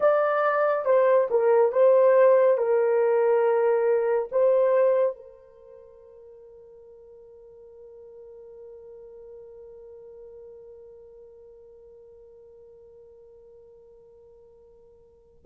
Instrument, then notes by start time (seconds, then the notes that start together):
horn
0.00 D5
0.85 C5
1.30 A#4
1.72 C5
2.57 A#4
4.31 C5
5.16 A#4